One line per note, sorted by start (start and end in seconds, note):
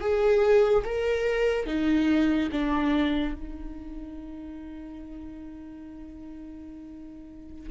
0.00 0.83 G#4
0.84 1.66 A#4
1.66 2.49 D#4
2.52 3.34 D4
3.34 7.70 D#4